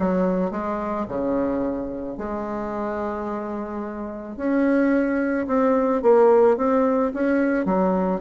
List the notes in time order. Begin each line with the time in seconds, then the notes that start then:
0.00 F#3
0.52 G#3
1.09 C#3
2.18 G#3
4.37 C#4
5.48 C4
6.03 A#3
6.58 C4
7.15 C#4
7.66 F#3